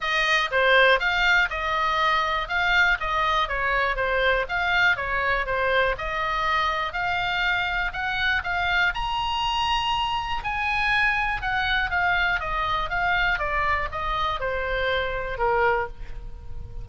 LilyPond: \new Staff \with { instrumentName = "oboe" } { \time 4/4 \tempo 4 = 121 dis''4 c''4 f''4 dis''4~ | dis''4 f''4 dis''4 cis''4 | c''4 f''4 cis''4 c''4 | dis''2 f''2 |
fis''4 f''4 ais''2~ | ais''4 gis''2 fis''4 | f''4 dis''4 f''4 d''4 | dis''4 c''2 ais'4 | }